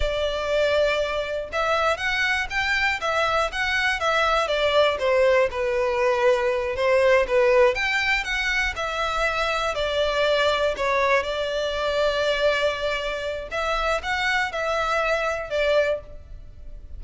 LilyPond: \new Staff \with { instrumentName = "violin" } { \time 4/4 \tempo 4 = 120 d''2. e''4 | fis''4 g''4 e''4 fis''4 | e''4 d''4 c''4 b'4~ | b'4. c''4 b'4 g''8~ |
g''8 fis''4 e''2 d''8~ | d''4. cis''4 d''4.~ | d''2. e''4 | fis''4 e''2 d''4 | }